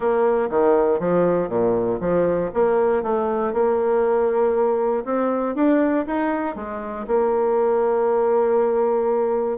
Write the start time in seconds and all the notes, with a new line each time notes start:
0.00 A#3
0.50 D#3
0.99 F3
1.49 A#2
2.00 F3
2.54 A#3
3.02 A3
3.53 A#3
5.04 C4
5.55 D4
6.06 D#4
6.55 G#3
7.07 A#3